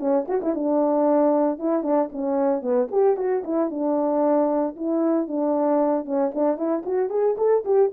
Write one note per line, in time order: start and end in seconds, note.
0.00 0.26 C#4
0.28 0.42 F#4
0.43 0.55 E4
0.55 1.59 D4
1.59 1.83 E4
1.83 2.10 D4
2.13 2.62 C#4
2.62 2.89 B3
2.92 3.17 G4
3.17 3.44 F#4
3.44 3.71 E4
3.71 4.76 D4
4.77 5.28 E4
5.28 6.06 D4
6.06 6.32 C#4
6.35 6.57 D4
6.57 6.84 E4
6.86 7.10 F#4
7.10 7.36 G#4
7.38 7.64 A4
7.65 7.92 G4